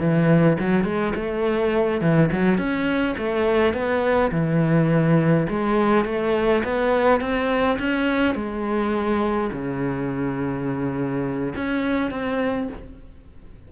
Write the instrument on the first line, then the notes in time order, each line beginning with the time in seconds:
cello
0.00 E3
0.60 F#3
0.84 G#3
1.15 A3
2.01 E3
2.32 F#3
2.58 C#4
3.18 A3
3.73 B3
4.32 E3
5.49 G#3
6.05 A3
6.64 B3
7.21 C4
7.79 C#4
8.35 G#3
9.52 C#3
11.56 C#4
12.10 C4